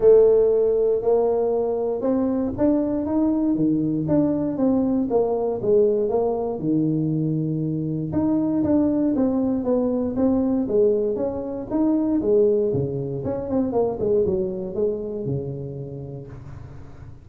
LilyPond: \new Staff \with { instrumentName = "tuba" } { \time 4/4 \tempo 4 = 118 a2 ais2 | c'4 d'4 dis'4 dis4 | d'4 c'4 ais4 gis4 | ais4 dis2. |
dis'4 d'4 c'4 b4 | c'4 gis4 cis'4 dis'4 | gis4 cis4 cis'8 c'8 ais8 gis8 | fis4 gis4 cis2 | }